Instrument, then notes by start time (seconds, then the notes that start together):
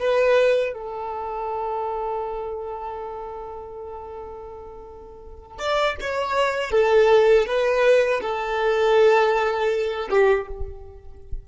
violin
0.00 B4
0.74 A4
5.59 D5
6.01 C#5
6.72 A4
7.47 B4
8.22 A4
10.10 G4